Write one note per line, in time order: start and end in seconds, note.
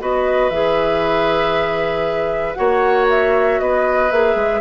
0.00 0.50 B3
0.00 0.51 F#4
0.00 2.58 B4
0.00 0.50 D#5
0.50 2.55 E3
0.50 2.55 G#4
0.50 2.54 E5
2.54 3.60 A#3
2.54 4.09 F#4
2.54 3.61 C#5
2.54 3.05 F#5
3.09 3.60 E5
3.60 4.11 B3
3.60 4.60 B4
3.60 4.11 D#5
4.11 4.35 A#3
4.11 4.60 G#4
4.11 4.60 E5
4.35 4.60 G#3